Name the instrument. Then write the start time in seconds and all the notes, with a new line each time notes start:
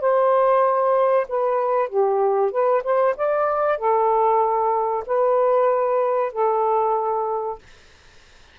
saxophone
0.00 C5
1.28 B4
1.88 G4
2.51 B4
2.83 C5
3.16 D5
3.78 A4
5.06 B4
6.32 A4